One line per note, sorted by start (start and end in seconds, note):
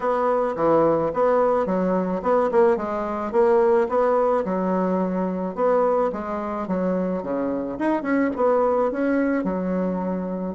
0.00 0.55 B3
0.56 1.11 E3
1.13 1.66 B3
1.66 2.21 F#3
2.22 2.50 B3
2.51 2.77 A#3
2.77 3.32 G#3
3.32 3.87 A#3
3.89 4.44 B3
4.44 5.55 F#3
5.55 6.10 B3
6.12 6.67 G#3
6.67 7.22 F#3
7.22 7.78 C#3
7.78 8.02 D#4
8.02 8.30 C#4
8.36 8.91 B3
8.91 9.43 C#4
9.43 10.55 F#3